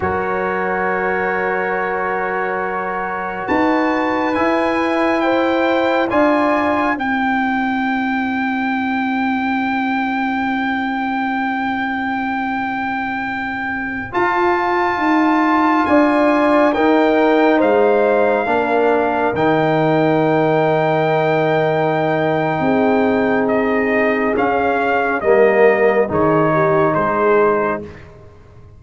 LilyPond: <<
  \new Staff \with { instrumentName = "trumpet" } { \time 4/4 \tempo 4 = 69 cis''1 | a''4 gis''4 g''4 gis''4 | g''1~ | g''1~ |
g''16 a''2 gis''4 g''8.~ | g''16 f''2 g''4.~ g''16~ | g''2. dis''4 | f''4 dis''4 cis''4 c''4 | }
  \new Staff \with { instrumentName = "horn" } { \time 4/4 ais'1 | b'2 c''4 d''4 | c''1~ | c''1~ |
c''2~ c''16 d''4 ais'8.~ | ais'16 c''4 ais'2~ ais'8.~ | ais'2 gis'2~ | gis'4 ais'4 gis'8 g'8 gis'4 | }
  \new Staff \with { instrumentName = "trombone" } { \time 4/4 fis'1~ | fis'4 e'2 f'4 | e'1~ | e'1~ |
e'16 f'2. dis'8.~ | dis'4~ dis'16 d'4 dis'4.~ dis'16~ | dis'1 | cis'4 ais4 dis'2 | }
  \new Staff \with { instrumentName = "tuba" } { \time 4/4 fis1 | dis'4 e'2 d'4 | c'1~ | c'1~ |
c'16 f'4 dis'4 d'4 dis'8.~ | dis'16 gis4 ais4 dis4.~ dis16~ | dis2 c'2 | cis'4 g4 dis4 gis4 | }
>>